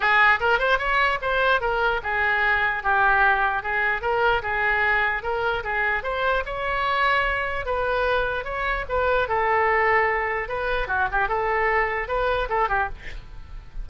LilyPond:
\new Staff \with { instrumentName = "oboe" } { \time 4/4 \tempo 4 = 149 gis'4 ais'8 c''8 cis''4 c''4 | ais'4 gis'2 g'4~ | g'4 gis'4 ais'4 gis'4~ | gis'4 ais'4 gis'4 c''4 |
cis''2. b'4~ | b'4 cis''4 b'4 a'4~ | a'2 b'4 fis'8 g'8 | a'2 b'4 a'8 g'8 | }